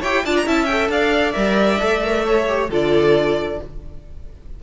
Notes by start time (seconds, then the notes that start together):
0.00 E4 G4 C#5 G5
0.25 D4 F4 D5 A5
0.36 A#5
0.45 C#4 E4 E5 A5
0.65 A4 G5
0.88 D4 D5 F5
1.32 G3 A#4 E5
1.79 A3 A4
2.03 A#4
2.25 A4 C#5
2.48 G4
2.69 D3 F4 A4 D5